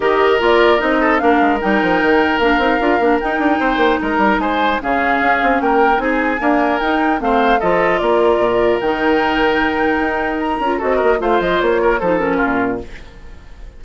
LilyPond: <<
  \new Staff \with { instrumentName = "flute" } { \time 4/4 \tempo 4 = 150 dis''4 d''4 dis''4 f''4 | g''2 f''2 | g''2 ais''4 gis''4 | f''2 g''4 gis''4~ |
gis''4 g''4 f''4 dis''4 | d''2 g''2~ | g''2 ais''4 dis''4 | f''8 dis''8 cis''4 c''8 ais'4. | }
  \new Staff \with { instrumentName = "oboe" } { \time 4/4 ais'2~ ais'8 a'8 ais'4~ | ais'1~ | ais'4 c''4 ais'4 c''4 | gis'2 ais'4 gis'4 |
ais'2 c''4 a'4 | ais'1~ | ais'2. a'8 ais'8 | c''4. ais'8 a'4 f'4 | }
  \new Staff \with { instrumentName = "clarinet" } { \time 4/4 g'4 f'4 dis'4 d'4 | dis'2 d'8 dis'8 f'8 d'8 | dis'1 | cis'2. dis'4 |
ais4 dis'4 c'4 f'4~ | f'2 dis'2~ | dis'2~ dis'8 f'8 fis'4 | f'2 dis'8 cis'4. | }
  \new Staff \with { instrumentName = "bassoon" } { \time 4/4 dis4 ais4 c'4 ais8 gis8 | g8 f8 dis4 ais8 c'8 d'8 ais8 | dis'8 d'8 c'8 ais8 gis8 g8 gis4 | cis4 cis'8 c'8 ais4 c'4 |
d'4 dis'4 a4 f4 | ais4 ais,4 dis2~ | dis4 dis'4. cis'8 c'8 ais8 | a8 f8 ais4 f4 ais,4 | }
>>